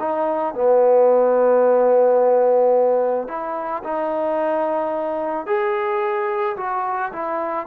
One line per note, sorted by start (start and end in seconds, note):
0.00 0.55 D#4
0.55 3.28 B3
3.28 3.83 E4
3.84 5.47 D#4
5.47 6.57 G#4
6.57 7.12 F#4
7.13 7.67 E4